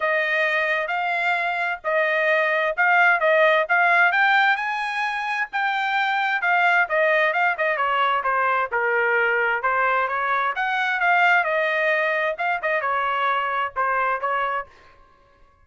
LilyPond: \new Staff \with { instrumentName = "trumpet" } { \time 4/4 \tempo 4 = 131 dis''2 f''2 | dis''2 f''4 dis''4 | f''4 g''4 gis''2 | g''2 f''4 dis''4 |
f''8 dis''8 cis''4 c''4 ais'4~ | ais'4 c''4 cis''4 fis''4 | f''4 dis''2 f''8 dis''8 | cis''2 c''4 cis''4 | }